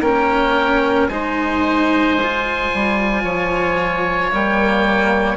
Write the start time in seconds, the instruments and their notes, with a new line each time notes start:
0.00 bassoon A#3, cello C#4, oboe A#4 G5
1.09 bassoon G#3, cello D#4, oboe C5 G#5
2.22 cello F4
2.74 bassoon G3
3.23 bassoon F3, oboe C#5
4.31 bassoon G3, cello A#3, oboe G5